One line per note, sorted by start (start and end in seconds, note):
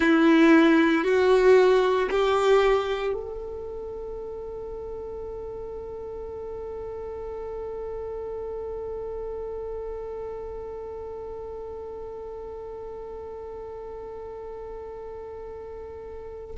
0.00 1.03 E4
1.03 2.09 F#4
2.10 3.13 G4
3.13 16.55 A4